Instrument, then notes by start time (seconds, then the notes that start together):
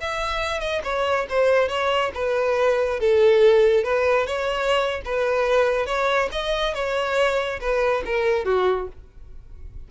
violin
0.00 E5
0.60 D#5
0.83 C#5
1.29 C5
1.68 C#5
2.14 B4
3.00 A4
3.84 B4
4.26 C#5
5.05 B4
5.86 C#5
6.32 D#5
6.74 C#5
7.60 B4
8.05 A#4
8.44 F#4